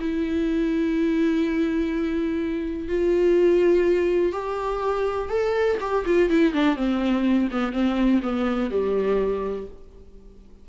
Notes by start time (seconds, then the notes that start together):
0.00 E4
2.88 F4
4.32 G4
5.29 A4
5.80 G4
6.05 F4
6.29 E4
6.53 D4
6.76 C4
7.51 B3
7.72 C4
8.22 B3
8.70 G3